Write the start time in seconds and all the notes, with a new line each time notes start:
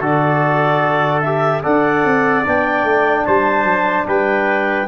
0.00 D3 F#4 A4 D5
1.21 G4 E5
1.63 D4 A4 D5 F#5
2.05 C4
2.44 B3 D4 G5
2.84 A3
3.25 G3 C5 A5
3.64 F#3
4.07 G3 B4 G5